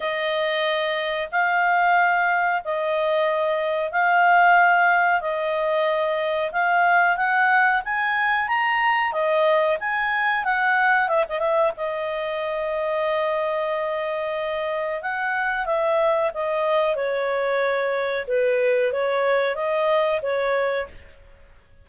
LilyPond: \new Staff \with { instrumentName = "clarinet" } { \time 4/4 \tempo 4 = 92 dis''2 f''2 | dis''2 f''2 | dis''2 f''4 fis''4 | gis''4 ais''4 dis''4 gis''4 |
fis''4 e''16 dis''16 e''8 dis''2~ | dis''2. fis''4 | e''4 dis''4 cis''2 | b'4 cis''4 dis''4 cis''4 | }